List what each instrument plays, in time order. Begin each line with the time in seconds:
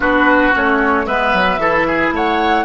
0.00 bassoon B3, clarinet D4, oboe F#4, flute B4
0.52 bassoon A3, clarinet C#4, flute C#5
1.06 bassoon G#3, clarinet B3, oboe B4, flute E5
1.33 bassoon F#3
1.57 bassoon E3, clarinet E4, oboe A4
1.87 oboe G#4
2.11 bassoon A3, oboe C#5, flute F#5